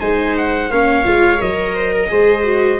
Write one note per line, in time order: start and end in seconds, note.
0.00 0.70 G#3
0.00 0.70 D#4
0.00 0.70 C5
0.00 0.35 G#5
0.37 0.72 F#5
0.70 1.05 A#3
0.70 1.05 C#4
0.70 1.75 C#5
0.70 1.41 F5
1.05 1.40 G#3
1.05 1.38 F4
1.38 2.11 F#3
1.38 2.07 A#4
1.38 2.80 D#5
1.75 1.92 C5
1.92 2.10 A#4
2.07 2.80 G#3
2.07 2.42 G#4
2.07 2.80 C5
2.43 2.78 F#4